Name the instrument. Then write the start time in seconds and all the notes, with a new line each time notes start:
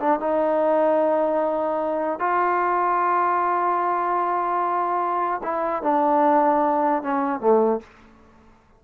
trombone
0.00 D4
0.20 D#4
2.19 F4
5.43 E4
5.83 D4
7.03 C#4
7.40 A3